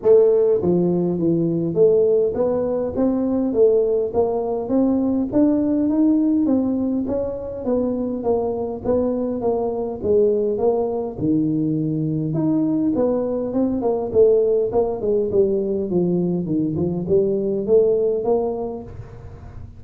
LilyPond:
\new Staff \with { instrumentName = "tuba" } { \time 4/4 \tempo 4 = 102 a4 f4 e4 a4 | b4 c'4 a4 ais4 | c'4 d'4 dis'4 c'4 | cis'4 b4 ais4 b4 |
ais4 gis4 ais4 dis4~ | dis4 dis'4 b4 c'8 ais8 | a4 ais8 gis8 g4 f4 | dis8 f8 g4 a4 ais4 | }